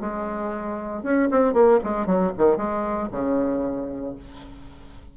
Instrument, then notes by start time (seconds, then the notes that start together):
bassoon
0.00 G#3
1.03 C#4
1.31 C4
1.54 A#3
1.84 G#3
2.06 F#3
2.37 D#3
2.57 G#3
3.12 C#3